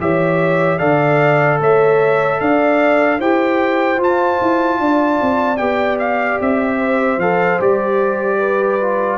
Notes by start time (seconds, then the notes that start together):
0.00 E3 G4 C#5 E5
0.78 D3 A4 D5 F5
1.60 A3 C#5 E5
2.40 D4 D5 F5
3.19 E4 G4 C5 G5
3.96 F4
4.03 A5
4.41 E4
4.79 D4 D5
5.21 C4
5.57 B3 G4 G5
5.99 F5
6.40 C4 E5
6.78 C5
7.17 F3 A4 F5
7.60 G3 G4 D5
8.38 B4
8.80 F4